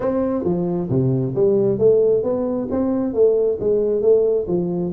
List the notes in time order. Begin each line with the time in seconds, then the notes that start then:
0.00 C4
0.44 F3
0.89 C3
1.34 G3
1.78 A3
2.23 B3
2.70 C4
3.13 A3
3.60 G#3
4.01 A3
4.47 F3